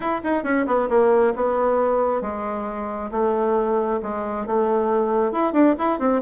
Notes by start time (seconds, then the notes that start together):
0.00 E4
0.23 D#4
0.43 C#4
0.66 B3
0.89 A#3
1.35 B3
2.21 G#3
3.11 A3
4.02 G#3
4.46 A3
5.32 E4
5.53 D4
5.78 E4
5.99 C4